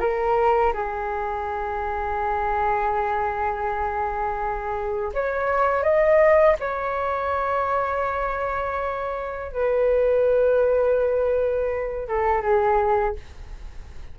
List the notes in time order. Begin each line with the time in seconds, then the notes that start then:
0.00 A#4
0.74 G#4
5.14 C#5
5.83 D#5
6.60 C#5
9.52 B4
12.08 A4
12.42 G#4